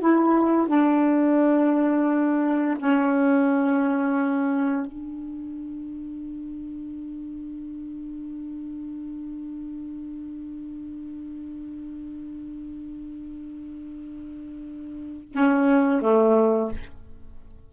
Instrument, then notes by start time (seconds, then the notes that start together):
saxophone
0.00 E4
0.68 D4
2.78 C#4
4.86 D4
15.32 C#4
16.01 A3